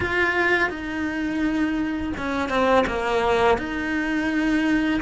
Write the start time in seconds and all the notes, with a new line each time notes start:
0.00 F4
0.69 D#4
2.17 C#4
2.49 C4
2.86 A#3
3.58 D#4